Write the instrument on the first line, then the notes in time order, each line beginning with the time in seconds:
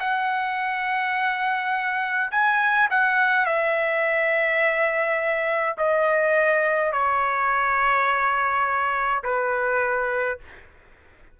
trumpet
0.00 F#5
2.31 G#5
2.90 F#5
3.46 E5
5.77 D#5
6.92 C#5
9.23 B4